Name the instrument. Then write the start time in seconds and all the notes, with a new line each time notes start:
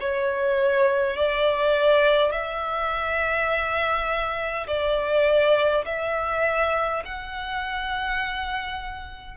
violin
0.00 C#5
1.17 D5
2.32 E5
4.67 D5
5.85 E5
7.05 F#5